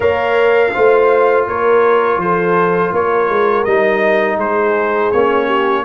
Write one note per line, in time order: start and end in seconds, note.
0.00 0.73 A#3
0.00 0.72 A#4
0.00 0.71 C#5
0.00 1.47 F5
0.74 1.47 A3
0.74 3.66 F4
0.74 1.47 C5
1.47 2.17 A#3
1.47 2.21 A#4
1.47 2.20 C#5
2.17 2.90 F3
2.17 2.95 A4
2.17 2.93 C5
2.92 3.28 A#3
2.92 4.39 A#4
2.92 3.64 C#5
3.29 3.65 G#3
3.64 4.37 G3
3.64 5.14 D#4
3.64 4.37 D#5
4.37 5.10 G#3
4.37 5.45 G#4
4.37 5.11 C5
5.11 5.85 A#3
5.11 5.85 C#4
5.11 5.84 C#5
5.45 5.82 G4